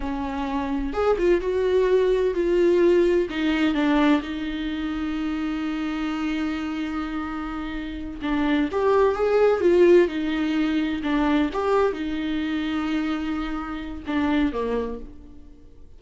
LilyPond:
\new Staff \with { instrumentName = "viola" } { \time 4/4 \tempo 4 = 128 cis'2 gis'8 f'8 fis'4~ | fis'4 f'2 dis'4 | d'4 dis'2.~ | dis'1~ |
dis'4. d'4 g'4 gis'8~ | gis'8 f'4 dis'2 d'8~ | d'8 g'4 dis'2~ dis'8~ | dis'2 d'4 ais4 | }